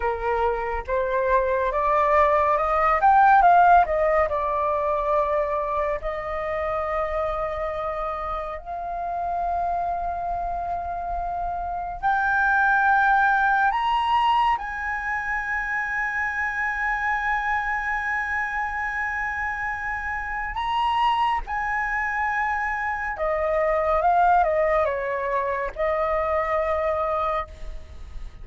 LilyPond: \new Staff \with { instrumentName = "flute" } { \time 4/4 \tempo 4 = 70 ais'4 c''4 d''4 dis''8 g''8 | f''8 dis''8 d''2 dis''4~ | dis''2 f''2~ | f''2 g''2 |
ais''4 gis''2.~ | gis''1 | ais''4 gis''2 dis''4 | f''8 dis''8 cis''4 dis''2 | }